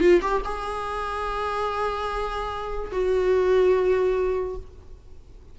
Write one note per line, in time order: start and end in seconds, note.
0.00 0.21 F4
0.21 0.42 G4
0.44 2.91 G#4
2.91 4.56 F#4